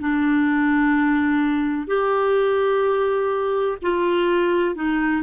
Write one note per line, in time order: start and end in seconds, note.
0.00 1.87 D4
1.87 3.77 G4
3.82 4.75 F4
4.75 5.23 D#4